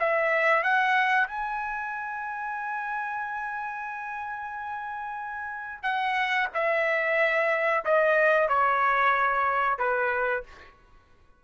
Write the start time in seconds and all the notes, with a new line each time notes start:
0.00 E5
0.64 F#5
1.27 G#5
5.83 F#5
6.54 E5
7.85 D#5
8.49 C#5
9.79 B4